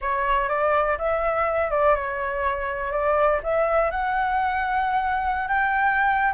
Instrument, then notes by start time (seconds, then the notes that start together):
flute
0.01 C#5
0.49 D5
0.98 E5
1.71 D5
1.95 C#5
2.91 D5
3.43 E5
3.90 F#5
5.47 G5